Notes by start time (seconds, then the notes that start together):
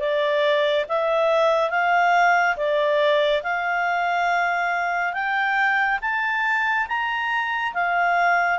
0.00 D5
0.89 E5
1.71 F5
2.57 D5
3.43 F5
5.14 G5
6.02 A5
6.88 A#5
7.74 F5